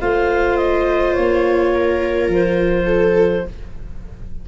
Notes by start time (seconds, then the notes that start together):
0.00 A3 F4 C5 F5
0.56 D#5
1.14 A#3 C#5
1.73 A#4
2.27 F3 C5
2.85 A4